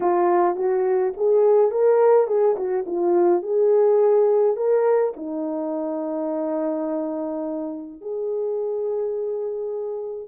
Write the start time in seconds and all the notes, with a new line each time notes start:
0.00 F4
0.56 F#4
1.16 G#4
1.71 A#4
2.27 G#4
2.56 F#4
2.86 F4
3.42 G#4
4.56 A#4
5.16 D#4
8.01 G#4